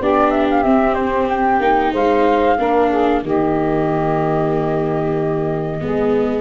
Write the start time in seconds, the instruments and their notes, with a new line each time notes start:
0.00 tuba B3, viola D4, saxophone G4, flute D5
0.31 flute E5
0.51 flute F5
0.63 tuba C4, viola C4, flute E5
0.94 flute C5
1.29 flute G5
1.60 tuba A#3, viola D#4
1.93 tuba G#3, saxophone C5, flute F5
2.58 tuba A#3, viola D4, saxophone A#4
2.90 saxophone G#4
3.22 tuba D#3, viola A#3, saxophone G4, flute D#5
5.81 tuba G#3, viola B3, saxophone G#4